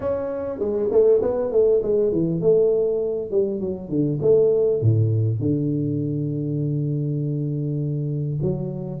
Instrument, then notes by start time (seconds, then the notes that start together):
tuba
0.00 C#4
0.59 G#3
0.91 A3
1.22 B3
1.51 A3
1.82 G#3
2.12 E3
2.41 A3
3.30 G3
3.60 F#3
3.89 D3
4.21 A3
4.81 A2
5.39 D3
8.42 F#3